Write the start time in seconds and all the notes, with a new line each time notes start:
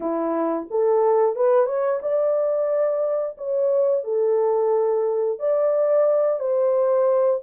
0.00 E4
0.70 A4
1.35 B4
1.65 C#5
2.01 D5
3.37 C#5
4.04 A4
5.39 D5
6.39 C5